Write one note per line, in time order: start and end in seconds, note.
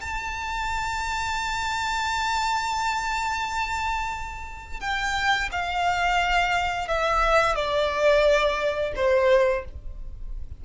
0.00 4.80 A5
4.80 5.49 G5
5.51 6.87 F5
6.87 7.55 E5
7.55 8.93 D5
8.95 9.64 C5